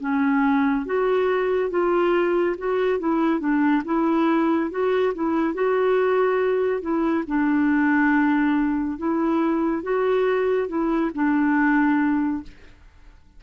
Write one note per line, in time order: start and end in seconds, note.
0.00 0.86 C#4
0.86 1.70 F#4
1.70 2.56 F4
2.58 2.99 F#4
2.99 3.39 E4
3.39 3.82 D4
3.85 4.70 E4
4.70 5.13 F#4
5.15 5.54 E4
5.54 6.81 F#4
6.81 7.24 E4
7.27 8.98 D4
8.98 9.83 E4
9.83 10.68 F#4
10.68 11.11 E4
11.14 12.43 D4